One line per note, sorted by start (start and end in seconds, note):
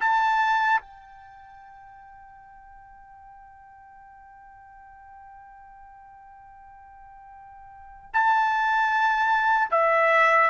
0.00 0.80 A5
0.80 8.10 G5
8.13 9.71 A5
9.71 10.50 E5